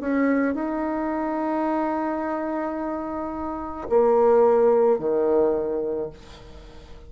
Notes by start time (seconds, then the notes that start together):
0.00 C#4
0.55 D#4
3.89 A#3
4.99 D#3